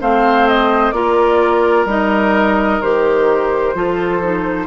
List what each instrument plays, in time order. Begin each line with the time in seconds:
0.00 bassoon A3, clarinet C4, oboe C5, flute F5
0.47 flute D#5
0.91 bassoon A#3, clarinet F4, oboe A#4, flute D5
1.85 bassoon G3, clarinet D#4, flute D#5
2.81 bassoon D#3, clarinet G4, flute C5
3.74 bassoon F3, clarinet F4, oboe A4
4.22 clarinet D#4